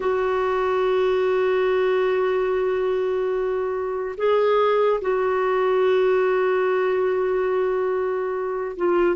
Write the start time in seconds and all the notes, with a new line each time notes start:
0.00 F#4
4.17 G#4
5.01 F#4
8.76 F4